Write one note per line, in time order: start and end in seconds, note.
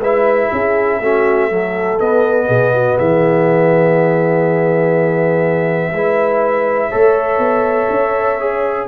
0.00 0.49 G#3
0.00 1.02 E4
0.00 0.50 B4
0.00 2.00 E5
0.51 1.01 C#4
0.51 1.00 G#4
1.01 1.99 A3
1.01 1.50 C#4
1.01 1.51 F#4
1.50 1.99 F#3
1.50 2.47 A4
2.00 5.93 B3
2.00 2.49 B3
2.00 2.98 D#5
2.47 2.98 B2
2.47 2.72 G#4
2.74 2.97 F#4
2.97 5.92 E3
2.97 5.92 G#4
2.97 8.88 E5
5.92 6.90 G#3
5.92 6.91 E4
5.92 6.90 B4
6.90 7.38 A3
6.90 8.39 A4
6.90 8.86 C#5
7.38 7.87 B3
7.90 8.88 C#4
8.40 8.88 G#4